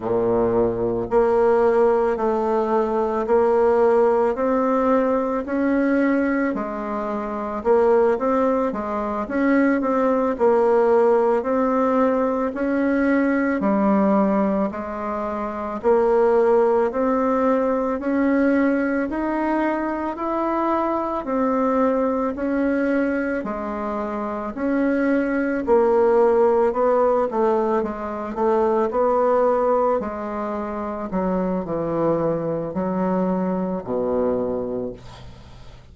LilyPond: \new Staff \with { instrumentName = "bassoon" } { \time 4/4 \tempo 4 = 55 ais,4 ais4 a4 ais4 | c'4 cis'4 gis4 ais8 c'8 | gis8 cis'8 c'8 ais4 c'4 cis'8~ | cis'8 g4 gis4 ais4 c'8~ |
c'8 cis'4 dis'4 e'4 c'8~ | c'8 cis'4 gis4 cis'4 ais8~ | ais8 b8 a8 gis8 a8 b4 gis8~ | gis8 fis8 e4 fis4 b,4 | }